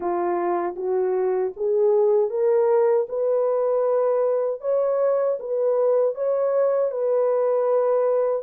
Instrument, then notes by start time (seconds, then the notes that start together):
horn
0.00 F4
0.76 F#4
1.56 G#4
2.29 A#4
3.08 B4
4.60 C#5
5.39 B4
6.14 C#5
6.91 B4